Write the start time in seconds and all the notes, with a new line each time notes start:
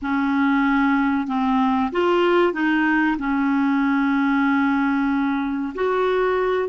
0.01 C#4
1.27 C4
1.91 F4
2.53 D#4
3.18 C#4
5.74 F#4